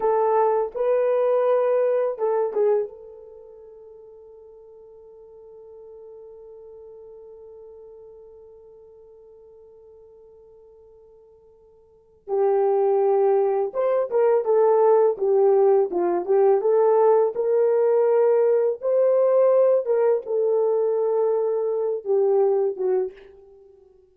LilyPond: \new Staff \with { instrumentName = "horn" } { \time 4/4 \tempo 4 = 83 a'4 b'2 a'8 gis'8 | a'1~ | a'1~ | a'1~ |
a'4 g'2 c''8 ais'8 | a'4 g'4 f'8 g'8 a'4 | ais'2 c''4. ais'8 | a'2~ a'8 g'4 fis'8 | }